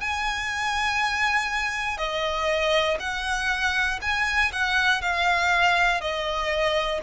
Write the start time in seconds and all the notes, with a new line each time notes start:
0.00 G#5
1.97 D#5
3.00 F#5
4.01 G#5
4.52 F#5
5.01 F5
6.00 D#5